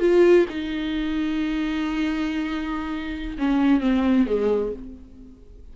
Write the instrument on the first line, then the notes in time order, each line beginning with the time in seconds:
viola
0.00 F4
0.49 D#4
3.39 C#4
3.81 C4
4.27 G#3